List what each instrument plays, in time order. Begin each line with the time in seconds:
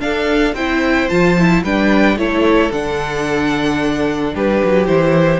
0.00 viola D4, cello D4, violin A4 F5
0.53 cello C4, viola E4, violin C5 G5
1.09 cello F3, viola F4, violin A5
1.38 viola E4
1.63 cello G3, viola D4, violin B4 G5
2.15 cello A3, viola E4, violin A4 C#5
2.71 cello D3, viola D4, violin F#5
4.33 cello G3, violin G4 B4
4.63 cello F#3
4.85 cello E3, viola E4, violin C5